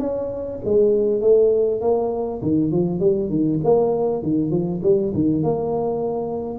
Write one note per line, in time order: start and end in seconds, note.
0.00 0.60 C#4
0.65 1.21 G#3
1.21 1.81 A3
1.82 2.42 A#3
2.42 2.72 D#3
2.72 3.00 F3
3.00 3.30 G3
3.30 3.60 D#3
3.64 4.23 A#3
4.23 4.51 D#3
4.51 4.81 F3
4.83 5.13 G3
5.15 5.44 D#3
5.44 6.59 A#3